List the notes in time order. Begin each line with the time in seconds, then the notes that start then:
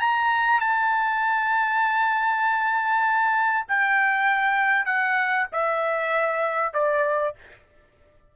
0.00 A#5
0.60 A5
3.68 G5
4.86 F#5
5.52 E5
6.73 D5